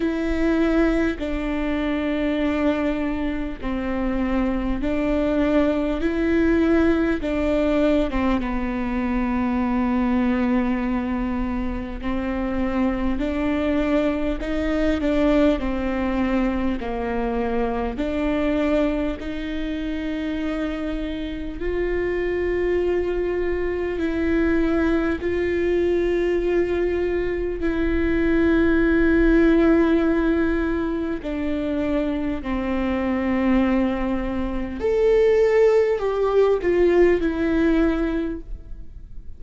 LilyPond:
\new Staff \with { instrumentName = "viola" } { \time 4/4 \tempo 4 = 50 e'4 d'2 c'4 | d'4 e'4 d'8. c'16 b4~ | b2 c'4 d'4 | dis'8 d'8 c'4 ais4 d'4 |
dis'2 f'2 | e'4 f'2 e'4~ | e'2 d'4 c'4~ | c'4 a'4 g'8 f'8 e'4 | }